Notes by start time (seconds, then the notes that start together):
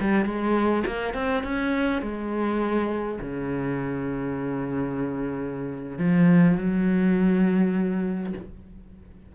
0.00 G3
0.25 G#3
0.86 A#3
1.14 C4
1.43 C#4
2.02 G#3
3.21 C#3
5.98 F3
6.57 F#3